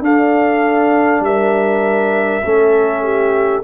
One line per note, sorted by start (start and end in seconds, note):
0.00 1.20 D4
0.00 2.42 D4
0.00 1.24 A4
0.00 1.24 F5
1.20 2.40 G3
1.20 2.44 A#4
1.20 3.64 E5
2.43 3.64 A3
2.43 3.63 C#4
2.43 3.02 A4
3.02 3.62 G4